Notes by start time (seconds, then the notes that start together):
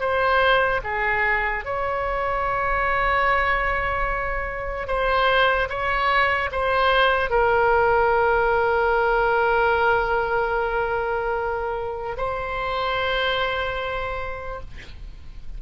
0.00 C5
0.84 G#4
1.65 C#5
4.88 C5
5.69 C#5
6.52 C5
7.30 A#4
12.18 C5